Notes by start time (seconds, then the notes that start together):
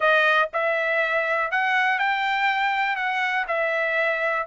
0.00 D#5
0.53 E5
1.51 F#5
1.98 G5
2.96 F#5
3.47 E5